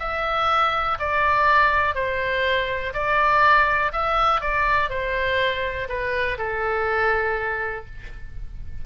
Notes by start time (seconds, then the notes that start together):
0.00 E5
1.00 D5
1.95 C5
2.94 D5
3.93 E5
4.41 D5
4.90 C5
5.89 B4
6.39 A4